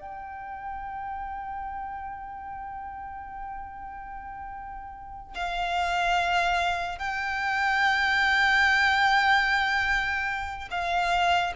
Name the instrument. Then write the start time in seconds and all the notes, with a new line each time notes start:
violin
0.00 G5
5.35 F5
6.99 G5
10.70 F5